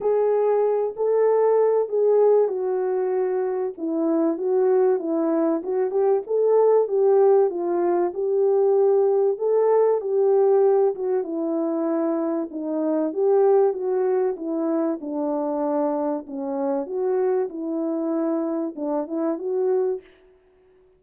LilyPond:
\new Staff \with { instrumentName = "horn" } { \time 4/4 \tempo 4 = 96 gis'4. a'4. gis'4 | fis'2 e'4 fis'4 | e'4 fis'8 g'8 a'4 g'4 | f'4 g'2 a'4 |
g'4. fis'8 e'2 | dis'4 g'4 fis'4 e'4 | d'2 cis'4 fis'4 | e'2 d'8 e'8 fis'4 | }